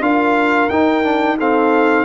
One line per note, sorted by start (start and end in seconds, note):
0.00 0.68 D4
0.00 0.69 F4
0.00 1.38 A#4
0.00 0.69 F5
0.69 2.05 D#4
0.69 1.03 D#4
0.69 1.37 G5
1.03 1.37 D4
1.38 2.05 C4
1.38 2.05 A4
1.38 2.05 F5